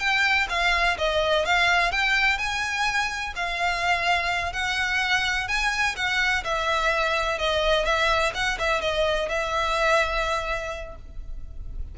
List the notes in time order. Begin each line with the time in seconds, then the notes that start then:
0.00 G5
0.50 F5
0.98 D#5
1.45 F5
1.92 G5
2.39 G#5
3.36 F5
4.53 F#5
5.48 G#5
5.96 F#5
6.44 E5
7.39 D#5
7.86 E5
8.35 F#5
8.59 E5
8.82 D#5
9.29 E5